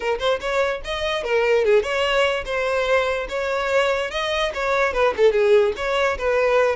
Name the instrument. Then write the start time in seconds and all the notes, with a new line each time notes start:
violin
0.00 A#4
0.19 C5
0.40 C#5
0.84 D#5
1.23 A#4
1.64 G#4
1.82 C#5
2.45 C5
3.28 C#5
4.11 D#5
4.54 C#5
4.93 B4
5.16 A4
5.32 G#4
5.76 C#5
6.18 B4